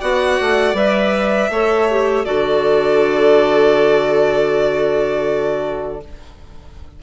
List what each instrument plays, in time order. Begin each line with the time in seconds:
0.00 bassoon B3, clarinet F#4, violin D5 F#5
0.40 bassoon A3
0.73 bassoon G3, clarinet B4, violin E5
1.50 bassoon A3, clarinet A4, violin C#5
1.90 clarinet G4
2.25 bassoon D3, clarinet F#4, violin A4 D5